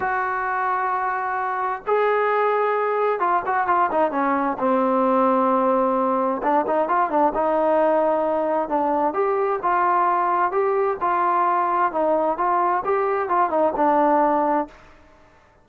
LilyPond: \new Staff \with { instrumentName = "trombone" } { \time 4/4 \tempo 4 = 131 fis'1 | gis'2. f'8 fis'8 | f'8 dis'8 cis'4 c'2~ | c'2 d'8 dis'8 f'8 d'8 |
dis'2. d'4 | g'4 f'2 g'4 | f'2 dis'4 f'4 | g'4 f'8 dis'8 d'2 | }